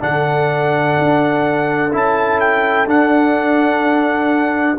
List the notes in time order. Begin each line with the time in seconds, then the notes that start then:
0.00 D3 D4 A4 F#5
0.98 D4
1.93 C#4 E4 A5
2.40 G5
2.86 D4 F#5